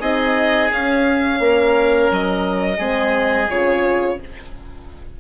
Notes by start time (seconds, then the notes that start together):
0.00 C4 D#4 G#4 D#5
0.71 C#4 F5
1.40 A#3 A#4
2.11 F#3 D#5
2.78 G#3 C4 G#4
3.50 C#3 F4 C#5